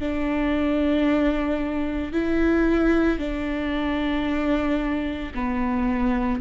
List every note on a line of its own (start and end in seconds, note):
0.00 2.13 D4
2.13 3.19 E4
3.19 5.33 D4
5.35 6.41 B3